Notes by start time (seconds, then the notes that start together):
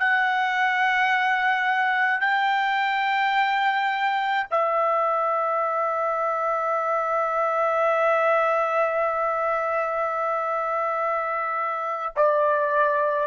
0.00 F#5
2.21 G5
4.51 E5
12.16 D5